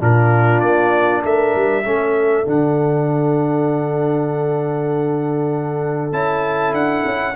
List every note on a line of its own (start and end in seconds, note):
0.00 0.62 A#2
0.00 1.84 D4
0.00 1.23 F4
0.00 0.60 A#4
0.60 1.23 A#3
0.60 1.22 D5
1.23 1.54 A3
1.23 1.84 A#4
1.23 2.48 E5
1.55 1.84 G3
1.84 2.46 A3
1.84 2.45 C#4
1.84 7.35 A4
2.45 6.12 D3
2.45 6.13 D4
2.45 6.13 F#5
6.12 6.73 C#4
6.12 7.35 E4
6.12 6.74 A5
6.73 7.04 D4
6.73 7.35 F#5
7.05 7.35 C#4